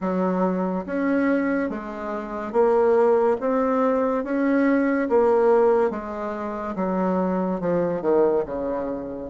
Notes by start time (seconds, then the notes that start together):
0.00 F#3
0.86 C#4
1.69 G#3
2.52 A#3
3.40 C4
4.23 C#4
5.09 A#3
5.90 G#3
6.75 F#3
7.60 F3
8.01 D#3
8.45 C#3